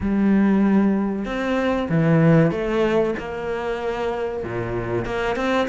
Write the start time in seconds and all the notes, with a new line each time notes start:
0.00 G3
1.25 C4
1.89 E3
2.51 A3
3.18 A#3
4.43 A#2
5.05 A#3
5.35 C4